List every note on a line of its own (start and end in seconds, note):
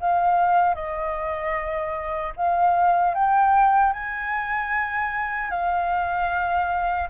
0.00 0.75 F5
0.75 2.33 D#5
2.36 3.14 F5
3.14 3.93 G5
3.93 5.51 G#5
5.51 7.09 F5